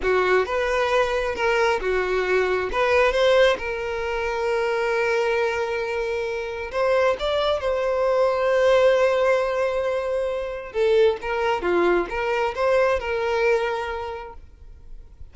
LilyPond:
\new Staff \with { instrumentName = "violin" } { \time 4/4 \tempo 4 = 134 fis'4 b'2 ais'4 | fis'2 b'4 c''4 | ais'1~ | ais'2. c''4 |
d''4 c''2.~ | c''1 | a'4 ais'4 f'4 ais'4 | c''4 ais'2. | }